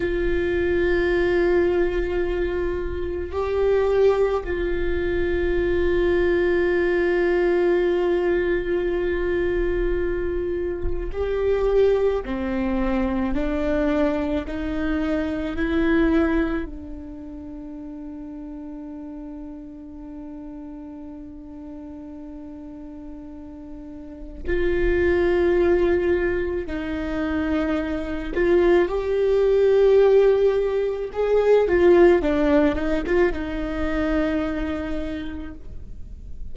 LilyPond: \new Staff \with { instrumentName = "viola" } { \time 4/4 \tempo 4 = 54 f'2. g'4 | f'1~ | f'2 g'4 c'4 | d'4 dis'4 e'4 d'4~ |
d'1~ | d'2 f'2 | dis'4. f'8 g'2 | gis'8 f'8 d'8 dis'16 f'16 dis'2 | }